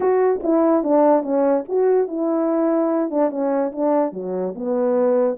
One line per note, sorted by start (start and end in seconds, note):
0.00 0.41 F#4
0.43 0.83 E4
0.83 1.22 D4
1.22 1.64 C#4
1.68 2.07 F#4
2.07 3.10 E4
3.10 3.30 D4
3.30 3.71 C#4
3.71 4.12 D4
4.12 4.53 F#3
4.55 5.37 B3